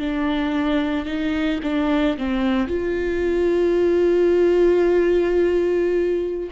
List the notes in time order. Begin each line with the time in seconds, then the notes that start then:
0.00 D4
1.06 D#4
1.63 D4
2.18 C4
2.68 F4